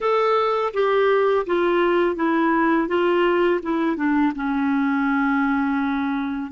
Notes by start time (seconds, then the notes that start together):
0.00 A4
0.73 G4
1.46 F4
2.15 E4
2.88 F4
3.62 E4
3.96 D4
4.35 C#4